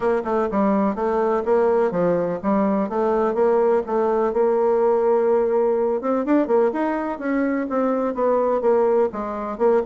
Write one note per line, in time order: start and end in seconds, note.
0.00 0.22 A#3
0.24 0.48 A3
0.51 0.95 G3
0.95 1.43 A3
1.45 1.91 A#3
1.91 2.39 F3
2.42 2.89 G3
2.89 3.34 A3
3.34 3.82 A#3
3.86 4.33 A3
4.33 6.01 A#3
6.01 6.25 C4
6.25 6.47 D4
6.47 6.71 A#3
6.72 7.19 D#4
7.19 7.67 C#4
7.69 8.14 C4
8.14 8.61 B3
8.61 9.09 A#3
9.12 9.58 G#3
9.58 9.82 A#3